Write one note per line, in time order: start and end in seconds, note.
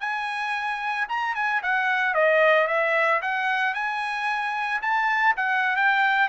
0.00 1.07 G#5
1.08 1.35 A#5
1.35 1.61 G#5
1.62 2.14 F#5
2.14 2.67 D#5
2.67 3.20 E5
3.21 3.74 F#5
3.74 4.81 G#5
4.81 5.35 A5
5.36 5.76 F#5
5.76 6.28 G5